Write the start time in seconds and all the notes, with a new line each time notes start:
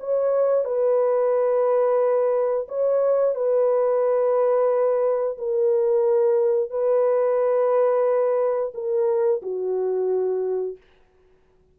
0.00 C#5
0.65 B4
2.68 C#5
3.35 B4
5.38 A#4
6.70 B4
8.74 A#4
9.42 F#4